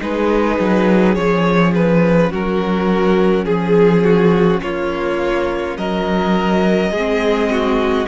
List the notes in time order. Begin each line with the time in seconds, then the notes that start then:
0.00 G#3 D#4 G#4 B4
0.59 F#3
1.14 F3 C#4 C#5
1.75 B4
2.30 F#3 F#4 A#4
3.44 F3 G#4
4.04 F#4
4.62 A#3 F4 C#5
5.77 F#3 A#4 D#5
6.90 G#3 G#4
6.97 C4
7.50 F#4